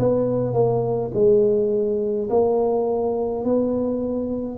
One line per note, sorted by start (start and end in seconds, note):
0.00 0.54 B3
0.54 1.12 A#3
1.14 2.30 G#3
2.30 3.45 A#3
3.45 4.58 B3